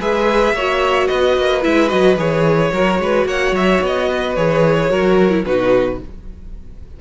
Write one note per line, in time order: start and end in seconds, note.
0.00 0.53 G#3
0.00 0.55 G#4
0.00 0.55 B4
0.00 1.07 E5
0.53 1.07 A#3
0.53 1.61 F#4
0.53 1.08 C#5
1.07 1.37 B3
1.07 2.71 B4
1.07 1.61 D#5
1.37 1.65 A#3
1.61 1.92 G#3
1.61 1.88 E4
1.61 1.88 E5
1.88 2.16 F#3
1.88 2.15 F#4
1.88 2.16 D#5
2.16 2.71 E3
2.16 2.72 G#4
2.16 3.27 C#5
2.72 2.99 F#3
2.72 4.36 F#4
2.72 3.00 A#4
2.99 3.25 G#3
2.99 3.27 B4
3.25 3.51 A#3
3.25 4.09 C#5
3.25 3.55 F#5
3.51 3.78 F#3
3.51 3.83 E5
3.81 4.36 B3
3.81 4.35 D#5
4.09 4.90 B4
4.35 4.90 E3
4.35 4.89 G#4
4.35 5.44 C#5
4.89 5.44 F#3
4.89 5.30 F#4
4.89 5.44 A#4
5.30 5.43 E4
5.44 5.99 B2
5.44 6.00 D#4
5.44 6.00 F#4
5.44 5.99 B4